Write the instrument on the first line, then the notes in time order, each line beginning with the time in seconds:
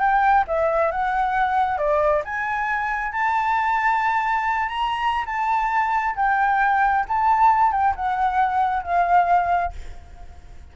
flute
0.00 G5
0.48 E5
0.92 F#5
1.78 D5
2.25 G#5
3.13 A5
4.69 A#5
5.26 A5
6.16 G5
7.08 A5
7.72 G5
7.96 F#5
8.84 F5